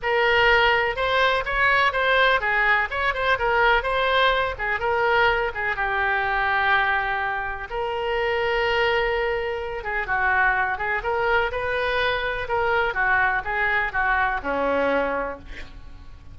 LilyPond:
\new Staff \with { instrumentName = "oboe" } { \time 4/4 \tempo 4 = 125 ais'2 c''4 cis''4 | c''4 gis'4 cis''8 c''8 ais'4 | c''4. gis'8 ais'4. gis'8 | g'1 |
ais'1~ | ais'8 gis'8 fis'4. gis'8 ais'4 | b'2 ais'4 fis'4 | gis'4 fis'4 cis'2 | }